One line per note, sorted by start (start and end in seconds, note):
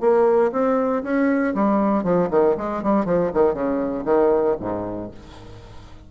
0.00 0.51 A#3
0.52 1.02 C4
1.03 1.53 C#4
1.54 2.03 G3
2.03 2.29 F3
2.30 2.55 D#3
2.57 2.82 G#3
2.82 3.05 G3
3.05 3.31 F3
3.34 3.53 D#3
3.53 4.04 C#3
4.05 4.56 D#3
4.59 5.10 G#2